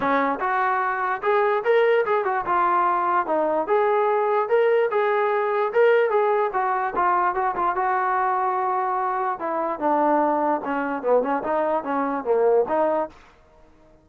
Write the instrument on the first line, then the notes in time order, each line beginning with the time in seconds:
trombone
0.00 C#4
0.40 F#4
1.22 G#4
1.64 A#4
2.05 G#4
2.24 F#4
2.45 F4
3.26 D#4
3.67 G#4
4.48 A#4
4.90 G#4
5.72 A#4
6.10 G#4
6.53 F#4
6.95 F4
7.34 F#4
7.55 F4
7.75 F#4
9.39 E4
9.79 D4
10.64 C#4
11.02 B3
11.22 C#4
11.43 D#4
11.83 C#4
12.24 A#3
12.68 D#4